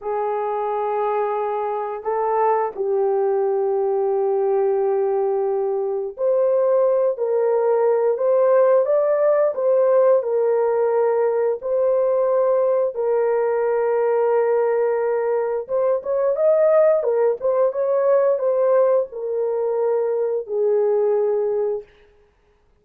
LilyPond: \new Staff \with { instrumentName = "horn" } { \time 4/4 \tempo 4 = 88 gis'2. a'4 | g'1~ | g'4 c''4. ais'4. | c''4 d''4 c''4 ais'4~ |
ais'4 c''2 ais'4~ | ais'2. c''8 cis''8 | dis''4 ais'8 c''8 cis''4 c''4 | ais'2 gis'2 | }